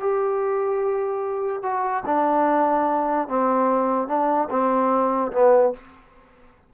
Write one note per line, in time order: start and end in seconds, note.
0.00 1.63 G4
1.63 2.04 F#4
2.06 3.28 D4
3.28 4.08 C4
4.08 4.49 D4
4.50 5.32 C4
5.32 5.73 B3